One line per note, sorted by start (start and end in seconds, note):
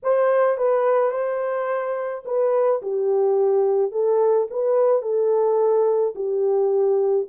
0.03 0.57 C5
0.57 1.11 B4
1.11 2.23 C5
2.25 2.81 B4
2.82 3.91 G4
3.91 4.47 A4
4.50 5.02 B4
5.02 6.14 A4
6.15 7.27 G4